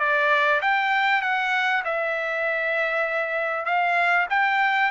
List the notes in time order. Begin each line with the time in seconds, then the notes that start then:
0.00 D5
0.62 G5
1.22 F#5
1.85 E5
3.66 F5
4.30 G5